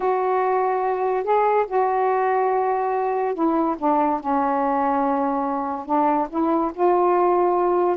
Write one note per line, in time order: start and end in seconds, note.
0.00 1.23 F#4
1.23 1.65 G#4
1.67 3.34 F#4
3.34 3.76 E4
3.78 4.20 D4
4.20 5.85 C#4
5.85 6.27 D4
6.29 6.71 E4
6.74 7.97 F4